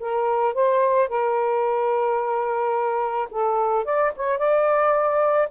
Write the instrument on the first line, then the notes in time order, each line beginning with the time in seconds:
saxophone
0.00 A#4
0.55 C5
1.09 A#4
3.31 A4
3.85 D5
4.17 C#5
4.39 D5